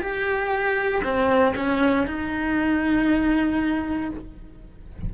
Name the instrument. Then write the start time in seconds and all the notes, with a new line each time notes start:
cello
0.00 G4
1.04 C4
1.56 C#4
2.06 D#4